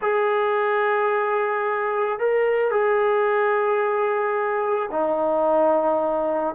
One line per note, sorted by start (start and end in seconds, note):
0.01 2.19 G#4
2.19 2.71 A#4
2.71 4.89 G#4
4.91 6.54 D#4